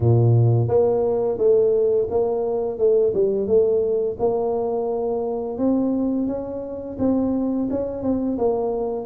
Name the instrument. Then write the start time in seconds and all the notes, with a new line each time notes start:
tuba
0.00 A#2
0.68 A#3
1.38 A3
2.09 A#3
2.78 A3
3.14 G3
3.47 A3
4.19 A#3
5.58 C4
6.27 C#4
6.99 C4
7.70 C#4
8.02 C4
8.38 A#3